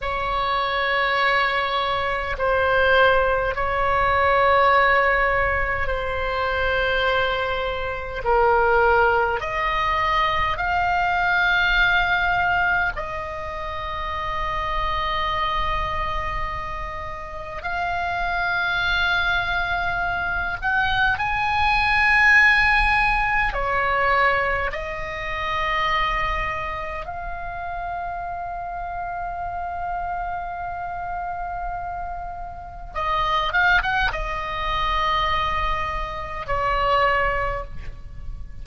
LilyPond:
\new Staff \with { instrumentName = "oboe" } { \time 4/4 \tempo 4 = 51 cis''2 c''4 cis''4~ | cis''4 c''2 ais'4 | dis''4 f''2 dis''4~ | dis''2. f''4~ |
f''4. fis''8 gis''2 | cis''4 dis''2 f''4~ | f''1 | dis''8 f''16 fis''16 dis''2 cis''4 | }